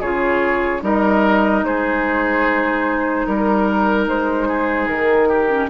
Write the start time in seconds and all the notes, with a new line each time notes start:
0.00 C#3 F4 G#4 C#5
0.80 G3 D#4 A#4 D#5
1.63 G#3 G#4 C5
3.26 G3 A#4
4.07 G#3 C5
4.47 G#4
4.87 D#3 A#4
5.29 G4
5.49 C#4